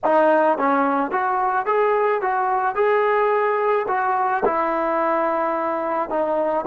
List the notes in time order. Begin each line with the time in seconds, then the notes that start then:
0.04 D#4
0.58 C#4
1.11 F#4
1.66 G#4
2.21 F#4
2.75 G#4
3.87 F#4
4.45 E4
6.09 D#4